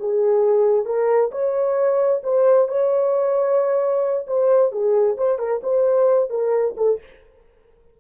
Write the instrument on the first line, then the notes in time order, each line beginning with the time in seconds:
horn
0.00 G#4
0.86 A#4
1.32 C#5
2.24 C5
2.69 C#5
4.28 C5
4.72 G#4
5.18 C5
5.39 A#4
5.63 C5
6.30 A#4
6.78 A4